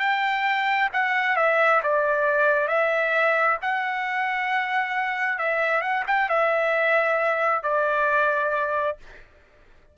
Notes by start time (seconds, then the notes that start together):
0.00 G5
0.94 F#5
1.37 E5
1.84 D5
2.68 E5
3.62 F#5
5.39 E5
5.82 F#5
6.07 G5
6.30 E5
7.63 D5